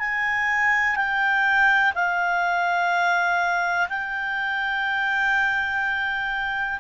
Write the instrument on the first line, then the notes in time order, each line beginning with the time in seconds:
clarinet
0.00 G#5
0.96 G5
1.95 F5
3.90 G5